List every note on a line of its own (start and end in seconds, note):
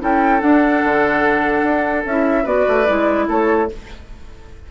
0.00 0.42 C#4
0.00 0.40 E4
0.00 2.43 A4
0.00 0.41 G5
0.40 2.03 D4
0.40 0.82 D4
0.40 2.04 F#5
0.84 1.63 D3
1.63 2.04 D4
2.05 2.45 C#4
2.05 2.44 E4
2.05 2.46 E5
2.43 2.65 B3
2.43 2.85 F#4
2.43 3.25 B4
2.43 3.27 D5
2.68 2.88 A3
2.87 3.28 G#3
2.87 3.68 E4
3.28 3.69 A3
3.28 3.69 A4
3.28 3.71 C#5